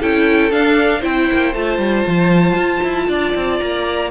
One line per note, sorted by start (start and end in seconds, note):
0.00 0.52 C#4
0.00 0.51 E4
0.00 0.99 A4
0.00 0.51 G5
0.51 1.02 D4
0.51 1.03 D4
0.51 1.02 F5
0.99 1.30 C4
0.99 1.53 E4
0.99 3.04 C5
0.99 1.54 G5
1.33 1.54 A#3
1.54 1.78 A3
1.54 4.10 F4
1.54 3.59 A5
1.78 2.04 G3
2.06 2.55 F3
2.55 2.80 F4
2.83 3.08 E4
3.08 3.34 D4
3.08 4.10 D5
3.35 3.60 C4
3.59 4.10 A#3
3.59 4.10 A#5